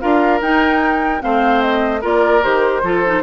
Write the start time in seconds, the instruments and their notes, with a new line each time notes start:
0.00 bassoon D4, clarinet F4, oboe A#4, flute F5
0.41 bassoon D#4, clarinet D#4, flute G5
1.20 bassoon A3, clarinet C4, oboe C5, flute F5
1.61 flute D#5
2.01 bassoon A#3, clarinet F4, oboe A#4, flute D5
2.42 bassoon D#3, clarinet G4, flute C5
2.83 bassoon F3, clarinet F4, oboe A4
3.06 clarinet D#4